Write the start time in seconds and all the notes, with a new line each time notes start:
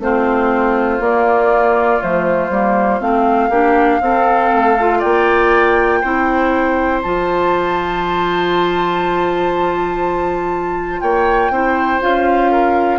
0.00 A3 C4 F4 C5
1.00 A#3 D5
2.00 F3 A3 C5
2.50 G3 A#3
3.01 A3 C4 F5
3.50 A#3 D4 G4
4.01 C4 A4
4.53 A3
4.79 F4
4.99 A#3 D5 G5
6.01 C4 E4 C5
7.02 F3 F4 A5
11.01 A#3 C#5 G5
11.50 C4 E4 C5
12.01 C#4 F4 F5
12.52 A#4